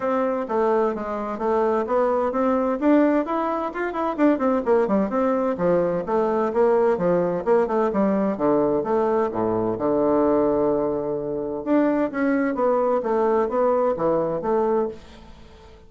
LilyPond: \new Staff \with { instrumentName = "bassoon" } { \time 4/4 \tempo 4 = 129 c'4 a4 gis4 a4 | b4 c'4 d'4 e'4 | f'8 e'8 d'8 c'8 ais8 g8 c'4 | f4 a4 ais4 f4 |
ais8 a8 g4 d4 a4 | a,4 d2.~ | d4 d'4 cis'4 b4 | a4 b4 e4 a4 | }